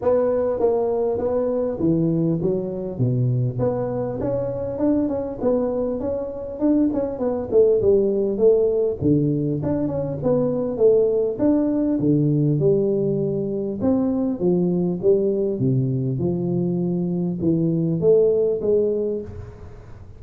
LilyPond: \new Staff \with { instrumentName = "tuba" } { \time 4/4 \tempo 4 = 100 b4 ais4 b4 e4 | fis4 b,4 b4 cis'4 | d'8 cis'8 b4 cis'4 d'8 cis'8 | b8 a8 g4 a4 d4 |
d'8 cis'8 b4 a4 d'4 | d4 g2 c'4 | f4 g4 c4 f4~ | f4 e4 a4 gis4 | }